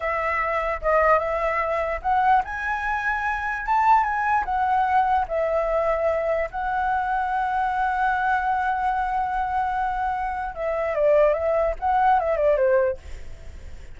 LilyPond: \new Staff \with { instrumentName = "flute" } { \time 4/4 \tempo 4 = 148 e''2 dis''4 e''4~ | e''4 fis''4 gis''2~ | gis''4 a''4 gis''4 fis''4~ | fis''4 e''2. |
fis''1~ | fis''1~ | fis''2 e''4 d''4 | e''4 fis''4 e''8 d''8 c''4 | }